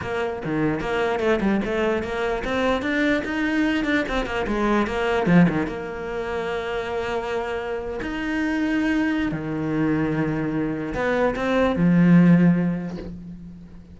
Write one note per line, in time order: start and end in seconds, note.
0.01 0.42 A#3
0.44 0.80 D#3
0.80 1.19 A#3
1.19 1.39 A3
1.41 1.61 G3
1.64 2.03 A3
2.03 2.43 A#3
2.44 2.82 C4
2.82 3.22 D4
3.25 3.84 D#4
3.84 4.04 D4
4.08 4.25 C4
4.25 4.46 A#3
4.47 4.86 G#3
4.86 5.26 A#3
5.26 5.46 F3
5.49 5.66 D#3
5.66 7.99 A#3
8.02 9.31 D#4
9.31 10.93 D#3
10.94 11.34 B3
11.35 11.75 C4
11.75 12.97 F3